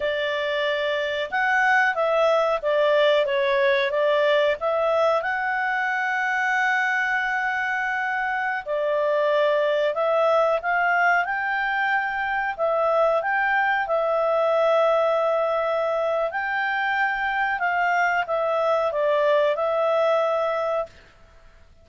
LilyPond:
\new Staff \with { instrumentName = "clarinet" } { \time 4/4 \tempo 4 = 92 d''2 fis''4 e''4 | d''4 cis''4 d''4 e''4 | fis''1~ | fis''4~ fis''16 d''2 e''8.~ |
e''16 f''4 g''2 e''8.~ | e''16 g''4 e''2~ e''8.~ | e''4 g''2 f''4 | e''4 d''4 e''2 | }